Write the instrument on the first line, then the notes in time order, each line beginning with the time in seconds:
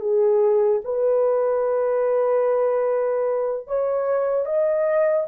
horn
0.00 G#4
0.84 B4
3.67 C#5
4.46 D#5